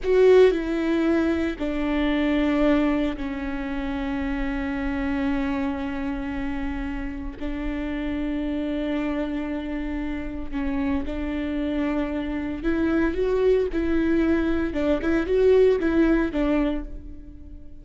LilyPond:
\new Staff \with { instrumentName = "viola" } { \time 4/4 \tempo 4 = 114 fis'4 e'2 d'4~ | d'2 cis'2~ | cis'1~ | cis'2 d'2~ |
d'1 | cis'4 d'2. | e'4 fis'4 e'2 | d'8 e'8 fis'4 e'4 d'4 | }